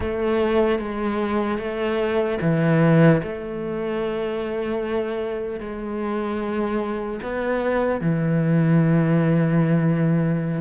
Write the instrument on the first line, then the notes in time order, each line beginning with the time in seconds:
cello
0.00 A3
0.79 G#3
1.58 A3
2.41 E3
3.22 A3
5.60 G#3
7.22 B3
8.00 E3